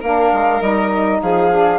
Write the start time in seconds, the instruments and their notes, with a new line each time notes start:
0.00 bassoon A#3, saxophone D4, violin A#4, flute F5
0.33 bassoon G#3
0.61 bassoon G3, saxophone D#4, flute D#5
1.22 bassoon F3, violin G#4, flute F5
1.50 saxophone D4